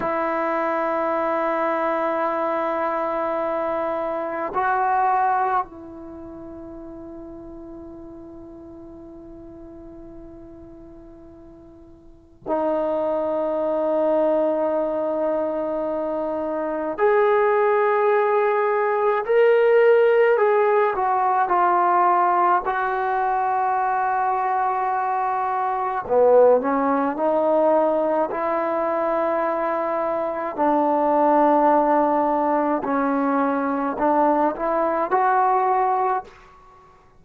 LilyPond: \new Staff \with { instrumentName = "trombone" } { \time 4/4 \tempo 4 = 53 e'1 | fis'4 e'2.~ | e'2. dis'4~ | dis'2. gis'4~ |
gis'4 ais'4 gis'8 fis'8 f'4 | fis'2. b8 cis'8 | dis'4 e'2 d'4~ | d'4 cis'4 d'8 e'8 fis'4 | }